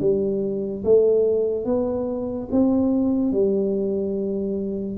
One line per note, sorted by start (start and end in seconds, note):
0.00 0.83 G3
0.84 1.65 A3
1.65 2.48 B3
2.51 3.32 C4
3.32 4.97 G3